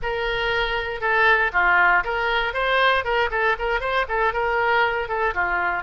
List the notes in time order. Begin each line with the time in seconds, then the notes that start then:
0.02 A#4
1.00 A4
1.53 F4
2.03 A#4
2.53 C5
3.04 A#4
3.31 A4
3.58 A#4
3.80 C5
4.08 A4
4.33 A#4
5.08 A4
5.34 F4